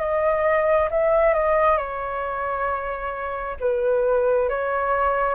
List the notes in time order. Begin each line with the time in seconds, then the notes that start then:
0.00 D#5
0.91 E5
1.34 D#5
1.78 C#5
3.61 B4
4.50 C#5